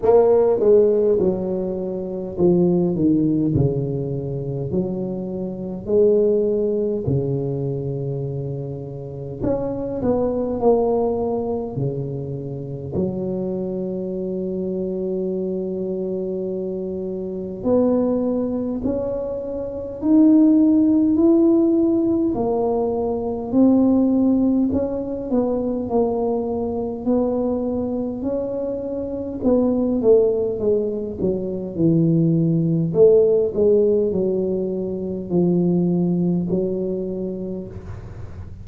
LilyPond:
\new Staff \with { instrumentName = "tuba" } { \time 4/4 \tempo 4 = 51 ais8 gis8 fis4 f8 dis8 cis4 | fis4 gis4 cis2 | cis'8 b8 ais4 cis4 fis4~ | fis2. b4 |
cis'4 dis'4 e'4 ais4 | c'4 cis'8 b8 ais4 b4 | cis'4 b8 a8 gis8 fis8 e4 | a8 gis8 fis4 f4 fis4 | }